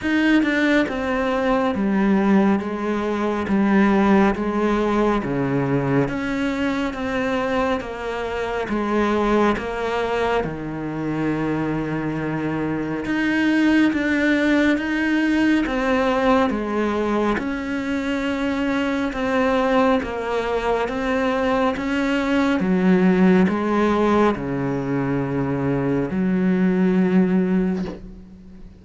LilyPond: \new Staff \with { instrumentName = "cello" } { \time 4/4 \tempo 4 = 69 dis'8 d'8 c'4 g4 gis4 | g4 gis4 cis4 cis'4 | c'4 ais4 gis4 ais4 | dis2. dis'4 |
d'4 dis'4 c'4 gis4 | cis'2 c'4 ais4 | c'4 cis'4 fis4 gis4 | cis2 fis2 | }